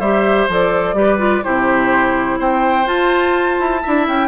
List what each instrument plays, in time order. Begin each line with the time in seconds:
0.00 bassoon G3, clarinet G4, oboe C5, flute E5
0.49 bassoon F3, clarinet A4, flute D5
0.94 bassoon G3, clarinet G4, oboe B4
1.19 clarinet F4
1.44 bassoon C3, clarinet E4, oboe G4, flute C5
2.39 bassoon C4, oboe C5, flute G5
2.86 clarinet F4, bassoon F4, flute A5
3.60 bassoon E4
3.83 bassoon D4, clarinet E4, oboe E5
4.08 bassoon C#4, flute G5